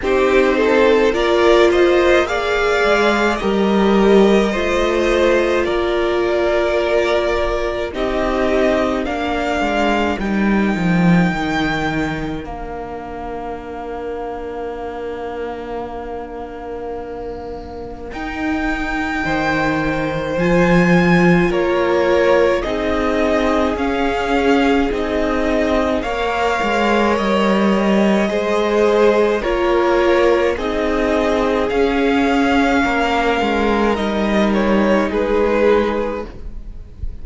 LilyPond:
<<
  \new Staff \with { instrumentName = "violin" } { \time 4/4 \tempo 4 = 53 c''4 d''8 dis''8 f''4 dis''4~ | dis''4 d''2 dis''4 | f''4 g''2 f''4~ | f''1 |
g''2 gis''4 cis''4 | dis''4 f''4 dis''4 f''4 | dis''2 cis''4 dis''4 | f''2 dis''8 cis''8 b'4 | }
  \new Staff \with { instrumentName = "violin" } { \time 4/4 g'8 a'8 ais'8 c''8 d''4 ais'4 | c''4 ais'2 g'4 | ais'1~ | ais'1~ |
ais'4 c''2 ais'4 | gis'2. cis''4~ | cis''4 c''4 ais'4 gis'4~ | gis'4 ais'2 gis'4 | }
  \new Staff \with { instrumentName = "viola" } { \time 4/4 dis'4 f'4 gis'4 g'4 | f'2. dis'4 | d'4 dis'2 d'4~ | d'1 |
dis'2 f'2 | dis'4 cis'4 dis'4 ais'4~ | ais'4 gis'4 f'4 dis'4 | cis'2 dis'2 | }
  \new Staff \with { instrumentName = "cello" } { \time 4/4 c'4 ais4. gis8 g4 | a4 ais2 c'4 | ais8 gis8 g8 f8 dis4 ais4~ | ais1 |
dis'4 dis4 f4 ais4 | c'4 cis'4 c'4 ais8 gis8 | g4 gis4 ais4 c'4 | cis'4 ais8 gis8 g4 gis4 | }
>>